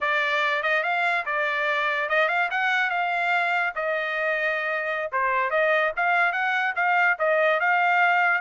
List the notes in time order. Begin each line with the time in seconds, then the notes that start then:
0.00 D5
0.62 D#5
0.83 F5
1.25 D5
2.09 D#5
2.28 F5
2.50 F#5
2.90 F5
3.75 D#5
5.11 C5
5.50 D#5
5.96 F5
6.32 F#5
6.75 F5
7.19 D#5
7.59 F5